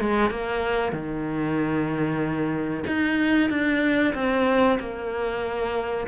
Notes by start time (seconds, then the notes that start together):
0.00 G#3
0.30 A#3
0.92 D#3
2.86 D#4
3.50 D4
4.14 C4
4.79 A#3